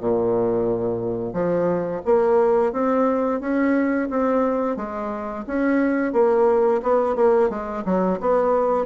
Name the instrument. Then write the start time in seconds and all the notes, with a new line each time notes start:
bassoon
0.00 A#2
1.33 F3
2.06 A#3
2.73 C4
3.41 C#4
4.10 C4
4.77 G#3
5.47 C#4
6.13 A#3
6.82 B3
7.16 A#3
7.50 G#3
7.86 F#3
8.21 B3